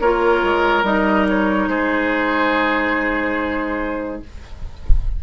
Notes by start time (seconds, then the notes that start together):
0.00 A#3 F4 A#4 C#5
0.43 G#3
0.83 G3 D#4 D#5
1.29 C#5
1.68 G#3 G#4 C5